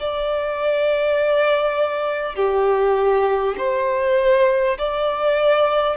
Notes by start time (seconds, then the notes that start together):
0.00 D5
2.35 G4
3.58 C5
4.78 D5